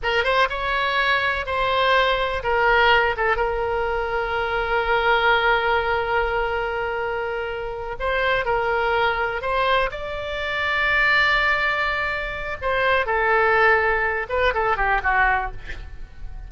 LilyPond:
\new Staff \with { instrumentName = "oboe" } { \time 4/4 \tempo 4 = 124 ais'8 c''8 cis''2 c''4~ | c''4 ais'4. a'8 ais'4~ | ais'1~ | ais'1~ |
ais'8 c''4 ais'2 c''8~ | c''8 d''2.~ d''8~ | d''2 c''4 a'4~ | a'4. b'8 a'8 g'8 fis'4 | }